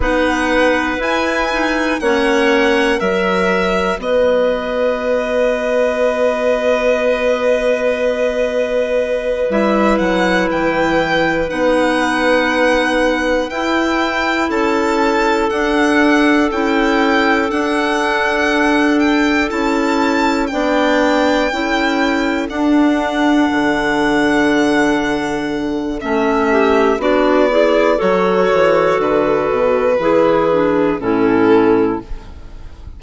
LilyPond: <<
  \new Staff \with { instrumentName = "violin" } { \time 4/4 \tempo 4 = 60 fis''4 gis''4 fis''4 e''4 | dis''1~ | dis''4. e''8 fis''8 g''4 fis''8~ | fis''4. g''4 a''4 fis''8~ |
fis''8 g''4 fis''4. g''8 a''8~ | a''8 g''2 fis''4.~ | fis''2 e''4 d''4 | cis''4 b'2 a'4 | }
  \new Staff \with { instrumentName = "clarinet" } { \time 4/4 b'2 cis''4 ais'4 | b'1~ | b'1~ | b'2~ b'8 a'4.~ |
a'1~ | a'8 d''4 a'2~ a'8~ | a'2~ a'8 g'8 fis'8 gis'8 | a'2 gis'4 e'4 | }
  \new Staff \with { instrumentName = "clarinet" } { \time 4/4 dis'4 e'8 dis'8 cis'4 fis'4~ | fis'1~ | fis'4. e'2 dis'8~ | dis'4. e'2 d'8~ |
d'8 e'4 d'2 e'8~ | e'8 d'4 e'4 d'4.~ | d'2 cis'4 d'8 e'8 | fis'2 e'8 d'8 cis'4 | }
  \new Staff \with { instrumentName = "bassoon" } { \time 4/4 b4 e'4 ais4 fis4 | b1~ | b4. g8 fis8 e4 b8~ | b4. e'4 cis'4 d'8~ |
d'8 cis'4 d'2 cis'8~ | cis'8 b4 cis'4 d'4 d8~ | d2 a4 b4 | fis8 e8 d8 b,8 e4 a,4 | }
>>